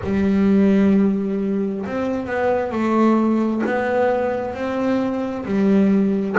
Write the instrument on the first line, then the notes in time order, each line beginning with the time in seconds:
double bass
0.03 G3
1.86 C4
2.26 B3
2.71 A3
3.66 B3
4.53 C4
5.45 G3